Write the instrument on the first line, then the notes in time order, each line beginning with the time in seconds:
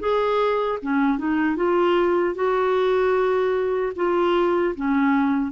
clarinet
0.00 G#4
0.83 C#4
1.19 D#4
1.56 F4
2.35 F#4
3.96 F4
4.76 C#4